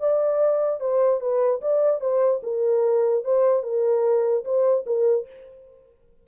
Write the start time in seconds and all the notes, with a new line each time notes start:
0.00 D5
0.81 C5
1.21 B4
1.62 D5
2.00 C5
2.43 A#4
3.24 C5
3.63 A#4
4.45 C5
4.86 A#4